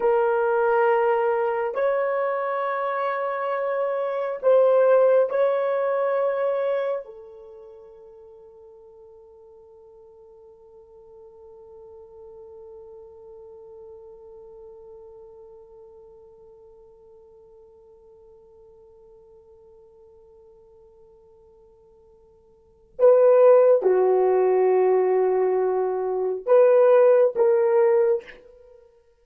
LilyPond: \new Staff \with { instrumentName = "horn" } { \time 4/4 \tempo 4 = 68 ais'2 cis''2~ | cis''4 c''4 cis''2 | a'1~ | a'1~ |
a'1~ | a'1~ | a'2 b'4 fis'4~ | fis'2 b'4 ais'4 | }